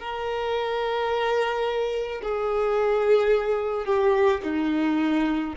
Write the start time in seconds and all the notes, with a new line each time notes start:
0.00 A#4
2.23 G#4
3.86 G4
4.43 D#4